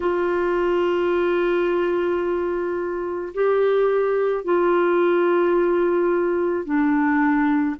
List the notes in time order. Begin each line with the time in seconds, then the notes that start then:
0.00 F4
3.33 G4
4.44 F4
6.64 D4